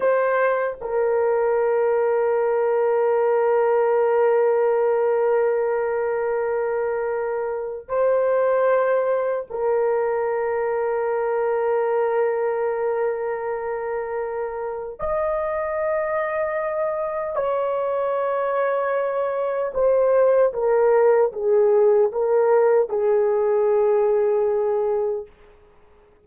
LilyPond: \new Staff \with { instrumentName = "horn" } { \time 4/4 \tempo 4 = 76 c''4 ais'2.~ | ais'1~ | ais'2 c''2 | ais'1~ |
ais'2. dis''4~ | dis''2 cis''2~ | cis''4 c''4 ais'4 gis'4 | ais'4 gis'2. | }